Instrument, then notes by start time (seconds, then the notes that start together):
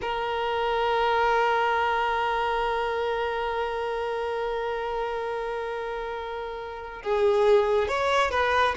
violin
0.01 A#4
7.02 G#4
7.88 C#5
8.31 B4